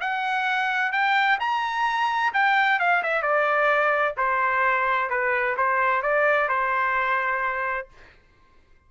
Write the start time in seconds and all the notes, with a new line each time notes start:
0.00 F#5
0.92 G5
1.40 A#5
2.33 G5
2.79 F5
3.03 E5
3.22 D5
4.16 C5
5.10 B4
5.57 C5
6.02 D5
6.48 C5